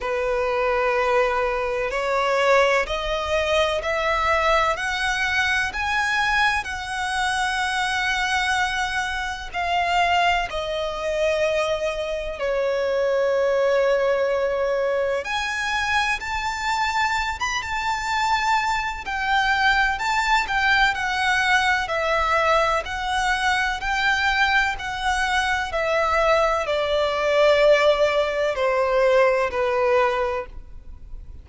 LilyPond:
\new Staff \with { instrumentName = "violin" } { \time 4/4 \tempo 4 = 63 b'2 cis''4 dis''4 | e''4 fis''4 gis''4 fis''4~ | fis''2 f''4 dis''4~ | dis''4 cis''2. |
gis''4 a''4~ a''16 b''16 a''4. | g''4 a''8 g''8 fis''4 e''4 | fis''4 g''4 fis''4 e''4 | d''2 c''4 b'4 | }